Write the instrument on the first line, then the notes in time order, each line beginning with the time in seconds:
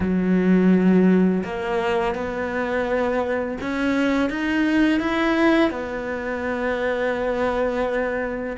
cello
0.00 F#3
1.44 A#3
2.14 B3
3.61 C#4
4.29 D#4
5.00 E4
5.70 B3